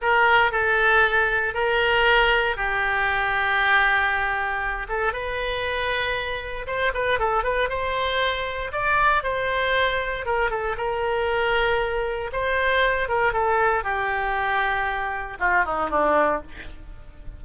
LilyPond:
\new Staff \with { instrumentName = "oboe" } { \time 4/4 \tempo 4 = 117 ais'4 a'2 ais'4~ | ais'4 g'2.~ | g'4. a'8 b'2~ | b'4 c''8 b'8 a'8 b'8 c''4~ |
c''4 d''4 c''2 | ais'8 a'8 ais'2. | c''4. ais'8 a'4 g'4~ | g'2 f'8 dis'8 d'4 | }